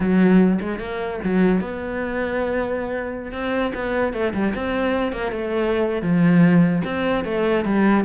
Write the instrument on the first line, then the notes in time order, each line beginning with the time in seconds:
cello
0.00 F#3
0.60 G#3
0.79 A#3
1.24 F#3
1.60 B3
3.32 C4
3.74 B3
4.13 A3
4.34 G3
4.54 C4
5.12 A#3
5.31 A3
6.02 F3
6.84 C4
7.24 A3
7.65 G3